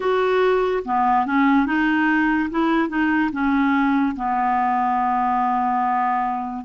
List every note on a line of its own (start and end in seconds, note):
0.00 0.83 F#4
0.84 1.25 B3
1.25 1.66 C#4
1.66 2.49 D#4
2.50 2.88 E4
2.88 3.30 D#4
3.32 4.15 C#4
4.16 6.64 B3